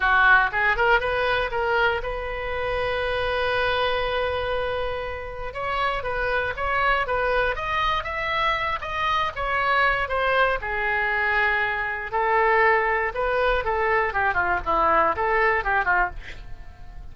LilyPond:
\new Staff \with { instrumentName = "oboe" } { \time 4/4 \tempo 4 = 119 fis'4 gis'8 ais'8 b'4 ais'4 | b'1~ | b'2. cis''4 | b'4 cis''4 b'4 dis''4 |
e''4. dis''4 cis''4. | c''4 gis'2. | a'2 b'4 a'4 | g'8 f'8 e'4 a'4 g'8 f'8 | }